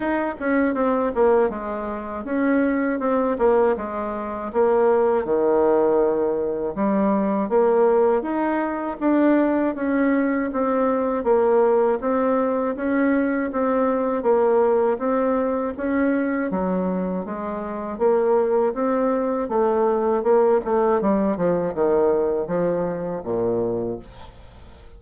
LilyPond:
\new Staff \with { instrumentName = "bassoon" } { \time 4/4 \tempo 4 = 80 dis'8 cis'8 c'8 ais8 gis4 cis'4 | c'8 ais8 gis4 ais4 dis4~ | dis4 g4 ais4 dis'4 | d'4 cis'4 c'4 ais4 |
c'4 cis'4 c'4 ais4 | c'4 cis'4 fis4 gis4 | ais4 c'4 a4 ais8 a8 | g8 f8 dis4 f4 ais,4 | }